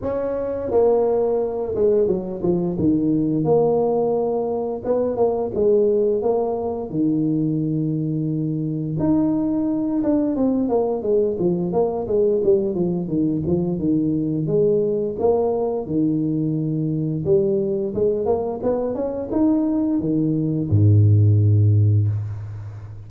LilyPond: \new Staff \with { instrumentName = "tuba" } { \time 4/4 \tempo 4 = 87 cis'4 ais4. gis8 fis8 f8 | dis4 ais2 b8 ais8 | gis4 ais4 dis2~ | dis4 dis'4. d'8 c'8 ais8 |
gis8 f8 ais8 gis8 g8 f8 dis8 f8 | dis4 gis4 ais4 dis4~ | dis4 g4 gis8 ais8 b8 cis'8 | dis'4 dis4 gis,2 | }